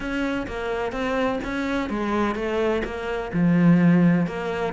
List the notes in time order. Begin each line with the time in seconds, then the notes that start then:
0.00 C#4
0.47 A#3
0.91 C4
1.43 C#4
1.89 G#3
2.35 A3
2.84 A#3
3.33 F3
4.26 A#3